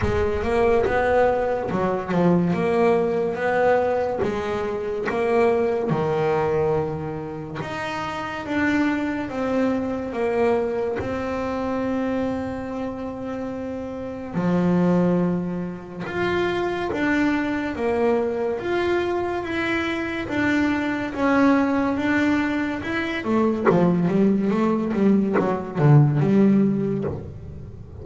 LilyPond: \new Staff \with { instrumentName = "double bass" } { \time 4/4 \tempo 4 = 71 gis8 ais8 b4 fis8 f8 ais4 | b4 gis4 ais4 dis4~ | dis4 dis'4 d'4 c'4 | ais4 c'2.~ |
c'4 f2 f'4 | d'4 ais4 f'4 e'4 | d'4 cis'4 d'4 e'8 a8 | f8 g8 a8 g8 fis8 d8 g4 | }